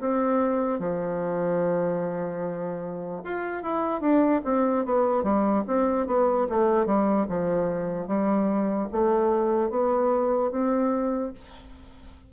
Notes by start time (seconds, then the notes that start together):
0.00 C4
0.79 F3
3.24 F4
3.63 E4
4.01 D4
4.44 C4
4.85 B3
5.23 G3
5.67 C4
6.07 B3
6.49 A3
6.86 G3
7.29 F3
8.07 G3
8.92 A3
9.70 B3
10.51 C4